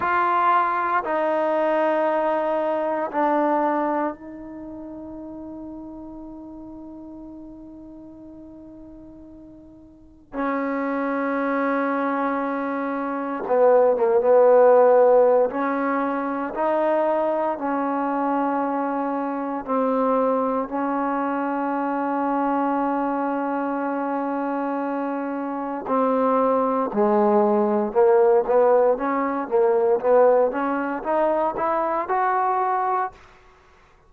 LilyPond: \new Staff \with { instrumentName = "trombone" } { \time 4/4 \tempo 4 = 58 f'4 dis'2 d'4 | dis'1~ | dis'2 cis'2~ | cis'4 b8 ais16 b4~ b16 cis'4 |
dis'4 cis'2 c'4 | cis'1~ | cis'4 c'4 gis4 ais8 b8 | cis'8 ais8 b8 cis'8 dis'8 e'8 fis'4 | }